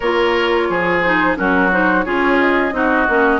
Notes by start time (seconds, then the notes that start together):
0.00 A#3 F4 A#4 C#5
0.69 F3 G#4
1.01 D#4 C5
1.36 F#3 C#4 F#4 A#4
1.71 D#4 C5
2.03 C#4 F4 G#4 C#5
2.39 D#5
2.72 C4 D#4 F#4
3.08 A#3 C#4